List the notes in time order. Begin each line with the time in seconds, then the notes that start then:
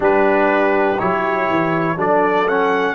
0.00 G3 D4 G4 B4
0.99 F#3 E4 C#5
1.49 E3
1.96 F#3 D4 A4 D5
2.48 C#4 F#5